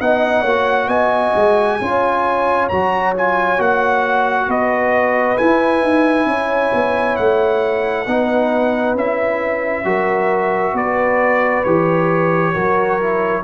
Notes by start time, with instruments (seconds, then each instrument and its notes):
0.00 tuba B3, trombone D#4, horn D#5, trumpet F#5
0.42 tuba A#3, trombone F#4, horn C#5
0.88 tuba B3, horn D#5, trumpet G#5
1.35 tuba G#3
1.81 tuba C#4, trombone F4, horn C#5
2.69 tuba F#3, trombone F#4, trumpet A#5
3.16 trombone F4, trumpet G#5
3.58 tuba A#3, trombone F#4, trumpet F#5
4.48 tuba B3, horn B4, trumpet D#5
5.38 trombone E4, tuba E4, trumpet G#5
5.82 tuba D#4
6.26 tuba C#4, horn C#5
6.74 tuba B3
7.17 tuba A3, trumpet F#5
8.07 tuba B3, trombone D#4, horn B4
8.95 tuba C#4, trombone E4, trumpet E5
9.85 tuba F#3, trombone F#4, horn A#4
10.74 tuba B3, horn B4, trumpet D5
11.64 tuba E3, trombone G4, trumpet C#5
12.54 tuba F#3, trombone F#4, horn A#4
13.01 trombone E4